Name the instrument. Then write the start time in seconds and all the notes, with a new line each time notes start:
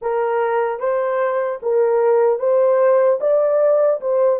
horn
0.01 A#4
0.79 C5
1.62 A#4
2.39 C5
3.20 D5
4.00 C5